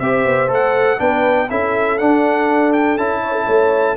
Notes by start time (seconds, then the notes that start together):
0.00 C4 G4 C5 E5
0.26 B3
0.48 A3 A4 F#5
0.99 B3 D4 B4 G5
1.50 C#4 E4 A4 E5
1.98 D4 F#5
2.73 G5
2.97 C#4 E4 A5
3.23 C#5
3.32 A4
3.46 A3 C#5